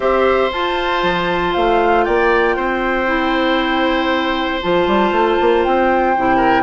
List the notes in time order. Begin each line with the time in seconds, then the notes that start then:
0.00 C4 G4 C5 E5
0.51 F4 A5
1.02 F3
1.53 A3 F5
2.04 A#3 D5 G5
2.56 C4 C5
3.06 E4
4.61 F3 F4 A5
4.87 G3
5.11 A3
5.41 A#3
5.64 C4 G5
6.16 C3 E4
6.36 A#4